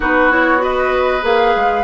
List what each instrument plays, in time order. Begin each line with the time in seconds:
0.00 bassoon B3, clarinet D#4, oboe F#4, flute B4
0.31 clarinet E4, flute C#5
0.58 clarinet F#4, oboe B4, flute D#5
1.21 bassoon A#3, clarinet G#4, flute F5
1.55 bassoon G#3